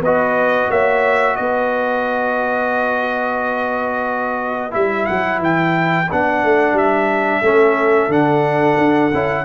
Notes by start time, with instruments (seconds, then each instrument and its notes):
0.00 tuba B3, trombone F#4, horn B4, trumpet D#5
0.69 tuba A#3, horn C#5, trumpet E5
1.36 tuba B3, horn B4, trumpet D#5
4.71 tuba G3, trombone E4, trumpet E5
5.05 tuba F#3, trumpet F#5
5.38 tuba E3, trumpet G5
6.11 tuba B3, trombone D4, trumpet F#5
6.43 tuba A3
6.72 tuba G3, trumpet E5
7.41 tuba A3, trombone C#4, horn A4
8.07 tuba D3, trombone D4, trumpet F#5
8.78 tuba D4
9.13 tuba C#4, trombone E4